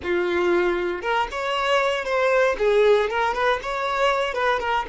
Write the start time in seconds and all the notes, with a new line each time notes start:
0.03 F4
1.01 A#4
1.31 C#5
2.04 C5
2.58 G#4
3.09 A#4
3.34 B4
3.62 C#5
4.33 B4
4.59 A#4